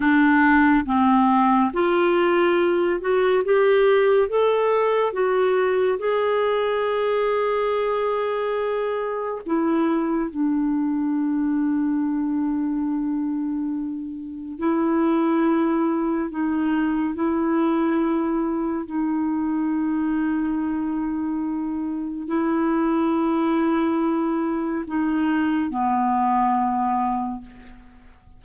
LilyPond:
\new Staff \with { instrumentName = "clarinet" } { \time 4/4 \tempo 4 = 70 d'4 c'4 f'4. fis'8 | g'4 a'4 fis'4 gis'4~ | gis'2. e'4 | d'1~ |
d'4 e'2 dis'4 | e'2 dis'2~ | dis'2 e'2~ | e'4 dis'4 b2 | }